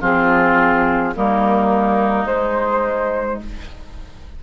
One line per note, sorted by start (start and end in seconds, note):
0.00 1.14 F3
0.00 1.14 C4
0.00 1.13 F4
0.00 1.15 G#4
1.15 2.25 G3
1.15 2.28 A#3
1.15 3.43 D#4
1.15 2.26 A#4
2.25 3.38 G#3
2.25 3.43 G#3
2.25 3.39 C5